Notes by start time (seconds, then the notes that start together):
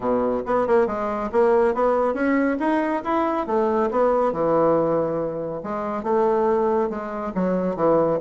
0.00 B2
0.46 B3
0.67 A#3
0.87 G#3
1.32 A#3
1.74 B3
2.13 C#4
2.59 D#4
3.04 E4
3.46 A3
3.90 B3
4.32 E3
5.63 G#3
6.03 A3
6.89 G#3
7.34 F#3
7.76 E3